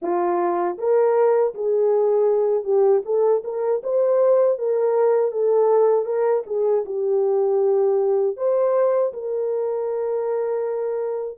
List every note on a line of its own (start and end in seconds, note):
0.01 0.77 F4
0.78 1.54 A#4
1.54 2.63 G#4
2.63 3.01 G4
3.05 3.43 A4
3.43 3.81 A#4
3.83 4.58 C5
4.58 5.31 A#4
5.31 6.05 A4
6.05 6.43 A#4
6.46 6.84 G#4
6.85 8.36 G4
8.36 9.12 C5
9.13 11.38 A#4